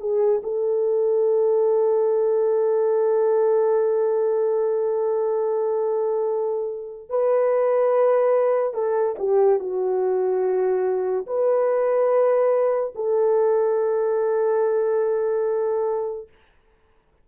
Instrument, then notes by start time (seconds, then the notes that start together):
horn
0.00 G#4
0.43 A4
7.09 B4
8.74 A4
9.19 G4
9.59 F#4
11.27 B4
12.95 A4